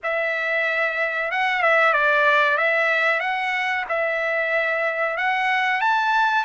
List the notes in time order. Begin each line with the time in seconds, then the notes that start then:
0.03 E5
1.31 F#5
1.62 E5
1.93 D5
2.57 E5
3.20 F#5
3.89 E5
5.17 F#5
5.80 A5